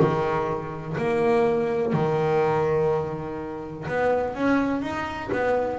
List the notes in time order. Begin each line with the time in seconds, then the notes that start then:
0.00 D#3
0.98 A#3
1.94 D#3
3.88 B3
4.35 C#4
4.82 D#4
5.32 B3